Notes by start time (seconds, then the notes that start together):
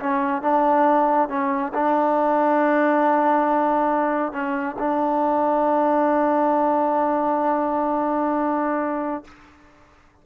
0.00 C#4
0.42 D4
1.29 C#4
1.74 D4
4.33 C#4
4.79 D4